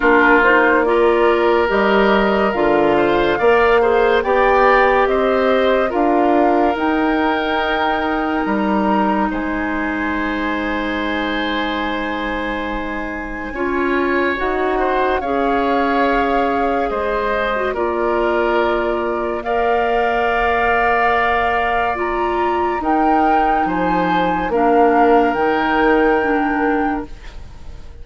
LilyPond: <<
  \new Staff \with { instrumentName = "flute" } { \time 4/4 \tempo 4 = 71 ais'8 c''8 d''4 dis''4 f''4~ | f''4 g''4 dis''4 f''4 | g''2 ais''4 gis''4~ | gis''1~ |
gis''4 fis''4 f''2 | dis''4 d''2 f''4~ | f''2 ais''4 g''4 | gis''4 f''4 g''2 | }
  \new Staff \with { instrumentName = "oboe" } { \time 4/4 f'4 ais'2~ ais'8 c''8 | d''8 c''8 d''4 c''4 ais'4~ | ais'2. c''4~ | c''1 |
cis''4. c''8 cis''2 | c''4 ais'2 d''4~ | d''2. ais'4 | c''4 ais'2. | }
  \new Staff \with { instrumentName = "clarinet" } { \time 4/4 d'8 dis'8 f'4 g'4 f'4 | ais'8 gis'8 g'2 f'4 | dis'1~ | dis'1 |
f'4 fis'4 gis'2~ | gis'8. fis'16 f'2 ais'4~ | ais'2 f'4 dis'4~ | dis'4 d'4 dis'4 d'4 | }
  \new Staff \with { instrumentName = "bassoon" } { \time 4/4 ais2 g4 d4 | ais4 b4 c'4 d'4 | dis'2 g4 gis4~ | gis1 |
cis'4 dis'4 cis'2 | gis4 ais2.~ | ais2. dis'4 | f4 ais4 dis2 | }
>>